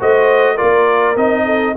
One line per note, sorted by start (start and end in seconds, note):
0.00 0.60 A3
0.00 0.58 F#4
0.00 0.55 C5
0.00 0.58 D#5
0.55 1.16 F4
0.55 1.43 A#4
0.55 1.16 D5
0.62 1.16 A#3
1.16 1.75 C4
1.16 1.76 D#4
1.16 1.76 D#5
1.45 1.75 A4